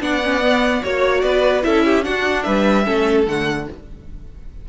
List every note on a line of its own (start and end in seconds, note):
0.00 0.82 B3
0.00 0.21 D4
0.00 0.82 D5
0.00 0.83 F#5
0.23 0.41 C#4
0.41 0.82 B3
0.82 1.23 A#3
0.82 1.62 F#4
0.82 1.23 C#5
0.82 1.21 C#5
1.21 1.63 B3
1.21 1.65 B4
1.21 1.61 D5
1.62 2.06 C#4
1.62 2.02 E4
1.62 1.85 A4
1.62 2.03 E5
1.85 2.05 G4
2.02 2.84 D4
2.02 2.46 D4
2.02 2.44 F#4
2.02 2.42 F#5
2.42 2.87 G3
2.42 2.84 B4
2.42 3.24 E5
2.84 3.26 A3
2.84 3.25 C#4
2.84 3.66 A4
3.26 3.67 D3
3.26 3.68 A3
3.26 3.69 F#5